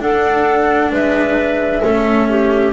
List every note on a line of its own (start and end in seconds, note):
0.00 1.82 D4
0.00 0.91 D4
0.00 0.91 A4
0.00 0.92 F#5
0.91 1.82 G#3
0.91 1.82 B4
0.91 2.73 E5
1.83 2.73 A3
1.83 2.73 C#4
1.83 2.28 A4
2.29 2.73 G4